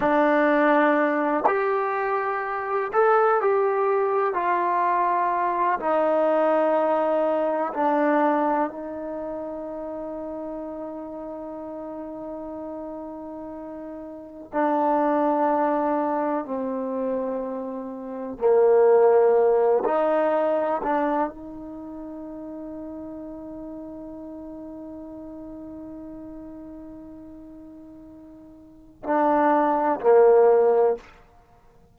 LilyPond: \new Staff \with { instrumentName = "trombone" } { \time 4/4 \tempo 4 = 62 d'4. g'4. a'8 g'8~ | g'8 f'4. dis'2 | d'4 dis'2.~ | dis'2. d'4~ |
d'4 c'2 ais4~ | ais8 dis'4 d'8 dis'2~ | dis'1~ | dis'2 d'4 ais4 | }